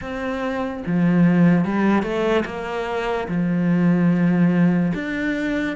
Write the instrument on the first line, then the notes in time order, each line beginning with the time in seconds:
cello
0.01 C4
0.86 F3
1.64 G3
2.02 A3
2.45 A#3
3.28 F3
4.94 D4